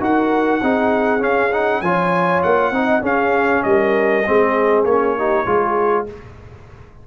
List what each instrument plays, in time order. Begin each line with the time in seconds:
0.00 tuba D#4, trombone F#4, horn A#4, trumpet F#5
0.62 tuba C4, trombone D#4, horn G#4
1.19 trombone C#4, tuba C#4, trumpet F5
1.52 trombone D#4, trumpet F#5
1.81 tuba F3, trombone F4, horn C#5, trumpet G#5
2.42 tuba A#3, trumpet F#5
2.71 tuba C4, trombone D#4, horn D#5
3.01 trombone C#4, tuba C#4, horn G#4, trumpet F5
3.63 tuba G3, horn A#4, trumpet D#5
4.27 tuba G#3, trombone C4, horn G#4
4.84 tuba A#3, trombone C#4, trumpet C#5
5.17 trombone D#4, horn G4
5.45 tuba G#3, trombone F4, horn G#4